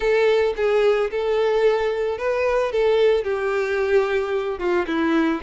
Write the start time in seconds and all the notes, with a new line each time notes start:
0.00 A4
0.56 G#4
1.10 A4
2.17 B4
2.72 A4
3.23 G4
4.58 F4
4.86 E4